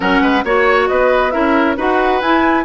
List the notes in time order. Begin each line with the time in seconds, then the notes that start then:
0.00 F#3 C#4 A#4 F#5
0.21 G#3 B4
0.44 A#3 F#4 C#5
0.88 B3 B4 D#5
1.31 C#4 E4 A#4 E5
1.76 D#4 F#4 B4 F#5
2.21 E4 G#5